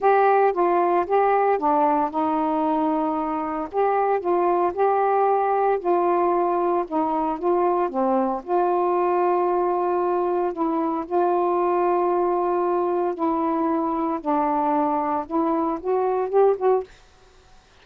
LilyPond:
\new Staff \with { instrumentName = "saxophone" } { \time 4/4 \tempo 4 = 114 g'4 f'4 g'4 d'4 | dis'2. g'4 | f'4 g'2 f'4~ | f'4 dis'4 f'4 c'4 |
f'1 | e'4 f'2.~ | f'4 e'2 d'4~ | d'4 e'4 fis'4 g'8 fis'8 | }